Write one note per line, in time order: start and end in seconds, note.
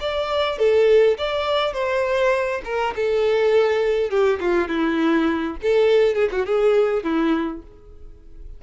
0.00 0.59 D5
0.59 1.17 A4
1.18 1.73 D5
1.73 2.61 C5
2.65 2.94 A#4
2.95 4.10 A4
4.10 4.39 G4
4.40 4.68 F4
4.68 5.56 E4
5.62 6.14 A4
6.14 6.29 G#4
6.32 6.46 F#4
6.46 7.03 G#4
7.03 7.62 E4